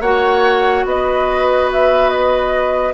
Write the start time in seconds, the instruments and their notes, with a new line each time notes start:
0.00 bassoon A#3, clarinet F#4, oboe C#5, flute F#5
0.85 bassoon B3, oboe B4, flute D#5
1.72 flute E5
2.09 flute D#5